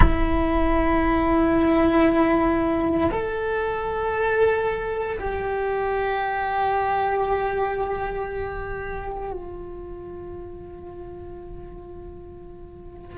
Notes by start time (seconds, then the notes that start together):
0.00 E4
3.11 A4
5.19 G4
9.32 F4